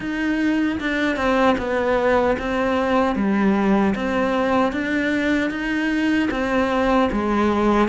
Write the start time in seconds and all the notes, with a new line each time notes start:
0.00 D#4
0.80 D4
1.16 C4
1.58 B3
2.39 C4
3.15 G3
3.95 C4
4.72 D4
5.50 D#4
6.31 C4
7.12 G#3